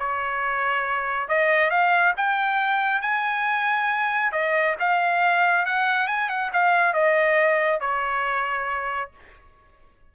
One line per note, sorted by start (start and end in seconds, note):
0.00 1.29 C#5
1.29 1.71 D#5
1.71 2.14 F5
2.18 3.02 G5
3.02 4.33 G#5
4.33 4.76 D#5
4.80 5.66 F5
5.66 6.08 F#5
6.08 6.30 G#5
6.30 6.51 F#5
6.54 6.94 F5
6.94 7.81 D#5
7.81 9.11 C#5